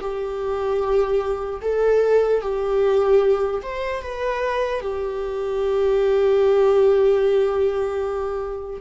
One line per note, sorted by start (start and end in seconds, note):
0.00 1.60 G4
1.61 2.41 A4
2.41 3.61 G4
3.62 4.01 C5
4.01 4.80 B4
4.80 8.80 G4